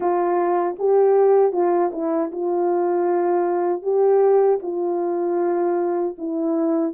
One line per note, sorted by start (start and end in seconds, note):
0.00 0.76 F4
0.79 1.52 G4
1.52 1.91 F4
1.92 2.30 E4
2.31 3.82 F4
3.82 4.59 G4
4.62 6.16 F4
6.18 6.93 E4